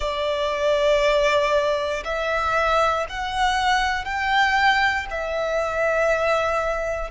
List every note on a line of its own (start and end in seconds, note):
0.00 2.03 D5
2.04 3.06 E5
3.09 4.04 F#5
4.04 5.06 G5
5.10 7.10 E5